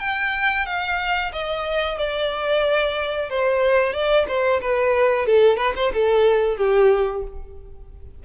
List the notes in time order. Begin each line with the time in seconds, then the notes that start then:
0.00 G5
0.66 F5
1.32 D#5
1.98 D5
3.30 C5
3.93 D5
4.28 C5
4.61 B4
5.26 A4
5.57 B4
5.76 C5
5.93 A4
6.57 G4